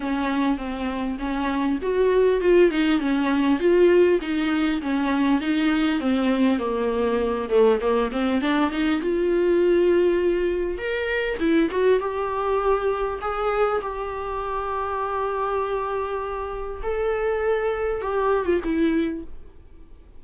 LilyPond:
\new Staff \with { instrumentName = "viola" } { \time 4/4 \tempo 4 = 100 cis'4 c'4 cis'4 fis'4 | f'8 dis'8 cis'4 f'4 dis'4 | cis'4 dis'4 c'4 ais4~ | ais8 a8 ais8 c'8 d'8 dis'8 f'4~ |
f'2 ais'4 e'8 fis'8 | g'2 gis'4 g'4~ | g'1 | a'2 g'8. f'16 e'4 | }